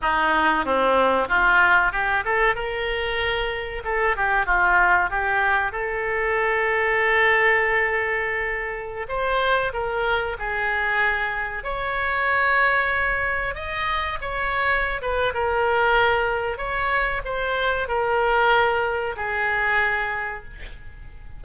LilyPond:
\new Staff \with { instrumentName = "oboe" } { \time 4/4 \tempo 4 = 94 dis'4 c'4 f'4 g'8 a'8 | ais'2 a'8 g'8 f'4 | g'4 a'2.~ | a'2~ a'16 c''4 ais'8.~ |
ais'16 gis'2 cis''4.~ cis''16~ | cis''4~ cis''16 dis''4 cis''4~ cis''16 b'8 | ais'2 cis''4 c''4 | ais'2 gis'2 | }